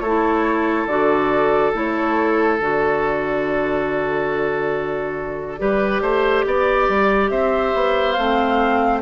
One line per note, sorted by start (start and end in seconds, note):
0.00 0.86 A3
0.00 0.89 E4
0.00 5.59 A4
0.00 0.86 C#5
0.86 1.72 D3
0.86 1.73 F#4
0.86 1.72 D5
1.73 2.60 A3
1.73 2.59 E4
1.73 2.58 C#5
2.58 5.60 D3
2.58 5.58 F#4
2.58 7.29 D5
5.58 6.01 G3
5.58 8.16 G4
5.58 6.02 B4
6.01 6.44 A3
6.01 6.45 C5
6.46 6.88 B3
6.46 7.30 D5
6.88 7.30 G3
7.29 7.72 C4
7.29 9.02 C5
7.29 8.12 E5
7.74 8.17 B3
8.12 9.02 A3
8.12 9.02 C4
8.12 8.98 F5